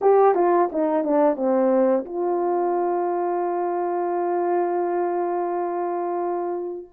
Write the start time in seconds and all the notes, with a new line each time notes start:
0.01 G4
0.34 F4
0.72 D#4
1.03 D4
1.36 C4
2.05 F4